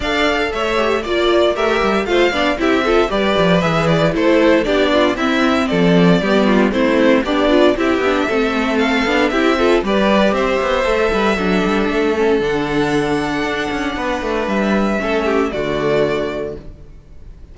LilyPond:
<<
  \new Staff \with { instrumentName = "violin" } { \time 4/4 \tempo 4 = 116 f''4 e''4 d''4 e''4 | f''4 e''4 d''4 e''8 d''8 | c''4 d''4 e''4 d''4~ | d''4 c''4 d''4 e''4~ |
e''4 f''4 e''4 d''4 | e''1 | fis''1 | e''2 d''2 | }
  \new Staff \with { instrumentName = "violin" } { \time 4/4 d''4 cis''4 d''4 ais'4 | c''8 d''8 g'8 a'8 b'2 | a'4 g'8 f'8 e'4 a'4 | g'8 f'8 e'4 d'4 g'4 |
a'2 g'8 a'8 b'4 | c''4. b'8 a'2~ | a'2. b'4~ | b'4 a'8 g'8 fis'2 | }
  \new Staff \with { instrumentName = "viola" } { \time 4/4 a'4. g'8 f'4 g'4 | f'8 d'8 e'8 f'8 g'4 gis'4 | e'4 d'4 c'2 | b4 c'4 g'8 f'8 e'8 d'8 |
c'4. d'8 e'8 f'8 g'4~ | g'4 a'4 d'4. cis'8 | d'1~ | d'4 cis'4 a2 | }
  \new Staff \with { instrumentName = "cello" } { \time 4/4 d'4 a4 ais4 a8 g8 | a8 b8 c'4 g8 f8 e4 | a4 b4 c'4 f4 | g4 a4 b4 c'8 b8 |
a4. b8 c'4 g4 | c'8 b8 a8 g8 fis8 g8 a4 | d2 d'8 cis'8 b8 a8 | g4 a4 d2 | }
>>